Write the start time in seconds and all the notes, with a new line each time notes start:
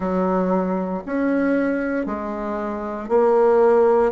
0.00 F#3
1.05 C#4
2.05 G#3
3.08 A#3